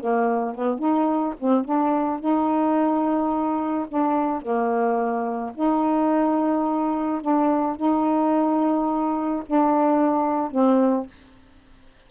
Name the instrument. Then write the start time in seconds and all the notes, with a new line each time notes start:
saxophone
0.00 A#3
0.55 B3
0.79 D#4
1.39 C4
1.65 D4
2.20 D#4
3.88 D4
4.42 A#3
5.55 D#4
7.22 D4
7.77 D#4
9.46 D4
10.51 C4